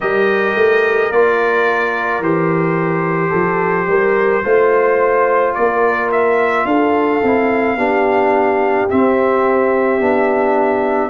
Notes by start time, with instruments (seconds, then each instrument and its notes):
0.00 tuba G3, trombone G4, horn A#4, trumpet D#5
0.55 tuba A3
1.10 tuba A#3, trombone F4, trumpet D5
2.19 tuba E3, trombone G4, trumpet C5
3.29 tuba F3, horn A4
3.87 tuba G3, horn A#4
4.43 tuba A3, trombone F4, horn C5
5.54 tuba A#3, horn A#4, trumpet D5
6.11 trumpet E5
6.65 tuba D4, horn A4, trumpet F5
7.23 tuba C4, trombone E4
7.75 tuba B3, trombone D4, horn G4
8.89 trombone C4, tuba C4, trumpet E5
10.00 tuba B3, trombone D4